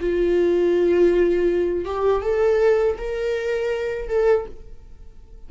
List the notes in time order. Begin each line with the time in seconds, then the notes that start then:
0.00 F4
1.85 G4
2.22 A4
2.97 A#4
4.08 A4